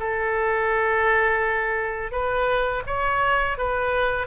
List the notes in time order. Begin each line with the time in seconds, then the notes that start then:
0.00 A4
2.12 B4
2.86 C#5
3.58 B4